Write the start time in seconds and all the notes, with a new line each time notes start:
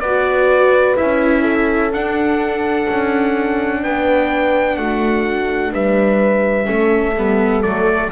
0.00 B3 F#4 B4 D5
0.97 C#4 E4 E5
1.41 A4
1.92 D4 F#5
2.89 C#4
3.83 B3 B4 G5
4.77 A3 F#4 F#5
5.73 G3 B4 E5
6.65 A3 C#4 A4
7.16 G3 B3
7.63 F#3 A3 D5